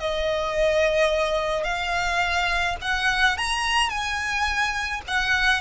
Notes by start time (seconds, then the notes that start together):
0.00 D#5
1.64 F5
2.82 F#5
3.38 A#5
3.90 G#5
5.08 F#5